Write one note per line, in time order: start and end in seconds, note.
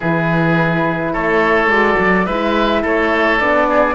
0.00 1.15 E3
0.00 1.70 E4
0.00 1.12 G#4
0.00 1.13 B4
1.12 1.67 A3
1.12 2.25 A4
1.12 1.69 C#5
1.67 1.95 G#3
1.67 2.27 F#4
1.67 2.26 D5
1.98 2.27 F#3
2.25 2.84 G#3
2.25 3.39 E4
2.25 2.82 B4
2.25 2.82 E5
2.82 3.40 A3
2.82 3.67 A4
2.82 3.39 C#5
3.39 3.95 B3
3.39 3.95 D4
3.39 3.95 D5
3.69 3.95 G#4